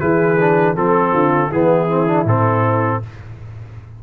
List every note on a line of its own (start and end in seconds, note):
0.00 0.76 E3
0.00 0.38 E4
0.00 0.75 G#4
0.00 0.75 B4
0.40 0.75 D4
0.75 1.14 F3
0.75 1.50 C4
0.75 1.12 A4
0.75 1.52 A4
1.12 1.51 D3
1.12 1.48 F4
1.48 2.25 E3
1.48 1.89 B3
1.48 2.98 E4
1.48 2.27 G#4
1.89 2.07 C4
2.07 2.26 D4
2.25 3.00 A2
2.25 3.03 C4
2.25 3.03 A4